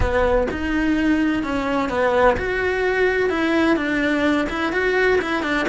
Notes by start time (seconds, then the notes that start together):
0.00 B3
0.51 D#4
1.43 C#4
1.89 B3
2.37 F#4
3.29 E4
3.76 D4
4.49 E4
4.72 F#4
5.21 E4
5.42 D4